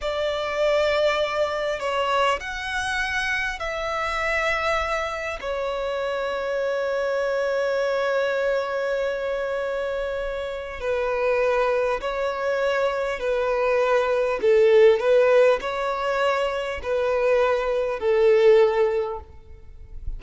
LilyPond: \new Staff \with { instrumentName = "violin" } { \time 4/4 \tempo 4 = 100 d''2. cis''4 | fis''2 e''2~ | e''4 cis''2.~ | cis''1~ |
cis''2 b'2 | cis''2 b'2 | a'4 b'4 cis''2 | b'2 a'2 | }